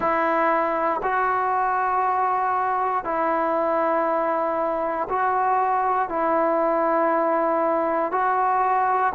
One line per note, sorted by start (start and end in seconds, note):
0.00 1.01 E4
1.02 3.04 F#4
3.04 5.08 E4
5.08 6.08 F#4
6.08 8.11 E4
8.11 9.13 F#4